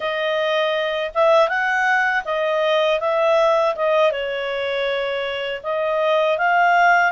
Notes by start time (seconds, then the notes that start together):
0.00 D#5
1.14 E5
1.48 F#5
2.25 D#5
3.00 E5
3.75 D#5
4.11 C#5
5.63 D#5
6.38 F5